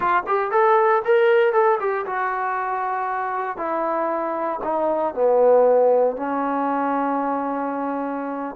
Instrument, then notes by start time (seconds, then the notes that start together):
trombone
0.00 F4
0.26 G4
0.51 A4
1.05 A#4
1.52 A4
1.80 G4
2.06 F#4
3.57 E4
4.63 D#4
5.14 B3
6.16 C#4